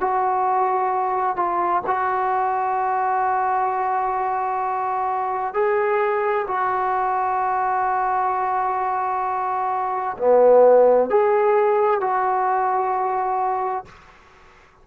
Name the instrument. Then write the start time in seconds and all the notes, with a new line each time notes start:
trombone
0.00 F#4
1.36 F4
1.86 F#4
5.54 G#4
6.47 F#4
10.17 B3
11.10 G#4
12.00 F#4